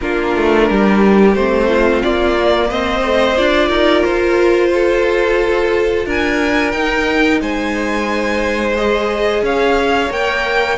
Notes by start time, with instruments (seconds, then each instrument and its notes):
0.01 cello A#3, viola D4, violin F4 A#4
0.36 cello A3
0.70 cello G3, violin G4
1.34 cello A3, viola C4, violin C5
1.67 violin F4
2.02 cello A#3, violin D5
2.37 viola A#3
2.68 cello C4, violin C5 D#5
3.04 viola A3
3.37 cello D4, viola F4, violin D5
3.68 cello D#4, violin A#4
4.04 cello F4, violin C5
4.73 violin A4
6.06 cello D4, violin A#4 G#5
6.71 cello D#4, viola D#4, violin G5
7.40 cello G#3, violin C5 G#5
8.76 viola G#4, violin D#5
9.42 cello C#4, violin C#5 F5
10.09 cello A#3, viola A#4, violin G5